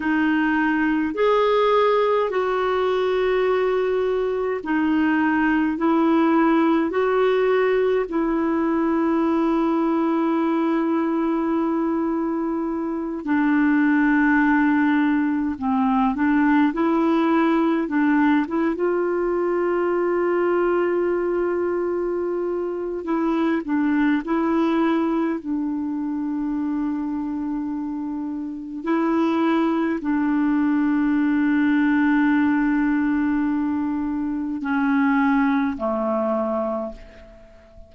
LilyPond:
\new Staff \with { instrumentName = "clarinet" } { \time 4/4 \tempo 4 = 52 dis'4 gis'4 fis'2 | dis'4 e'4 fis'4 e'4~ | e'2.~ e'8 d'8~ | d'4. c'8 d'8 e'4 d'8 |
e'16 f'2.~ f'8. | e'8 d'8 e'4 d'2~ | d'4 e'4 d'2~ | d'2 cis'4 a4 | }